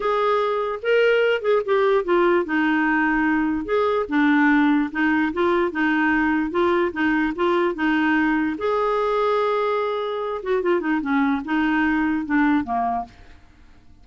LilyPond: \new Staff \with { instrumentName = "clarinet" } { \time 4/4 \tempo 4 = 147 gis'2 ais'4. gis'8 | g'4 f'4 dis'2~ | dis'4 gis'4 d'2 | dis'4 f'4 dis'2 |
f'4 dis'4 f'4 dis'4~ | dis'4 gis'2.~ | gis'4. fis'8 f'8 dis'8 cis'4 | dis'2 d'4 ais4 | }